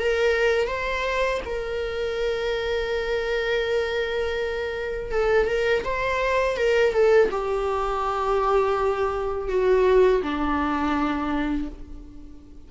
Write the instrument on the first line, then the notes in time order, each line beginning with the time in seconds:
viola
0.00 A#4
0.68 C5
1.46 A#4
5.12 A4
5.47 A#4
5.84 C5
6.57 A#4
6.93 A4
7.31 G4
9.49 F#4
10.23 D4